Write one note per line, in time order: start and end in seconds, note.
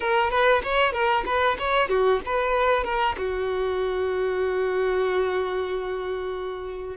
0.00 0.30 A#4
0.30 0.61 B4
0.63 0.92 C#5
0.92 1.23 A#4
1.25 1.57 B4
1.58 1.88 C#5
1.88 2.20 F#4
2.25 2.84 B4
2.84 3.15 A#4
3.17 6.96 F#4